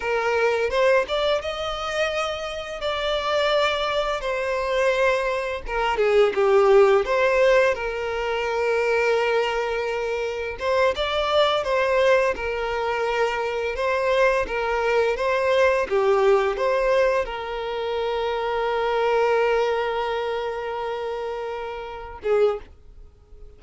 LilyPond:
\new Staff \with { instrumentName = "violin" } { \time 4/4 \tempo 4 = 85 ais'4 c''8 d''8 dis''2 | d''2 c''2 | ais'8 gis'8 g'4 c''4 ais'4~ | ais'2. c''8 d''8~ |
d''8 c''4 ais'2 c''8~ | c''8 ais'4 c''4 g'4 c''8~ | c''8 ais'2.~ ais'8~ | ais'2.~ ais'8 gis'8 | }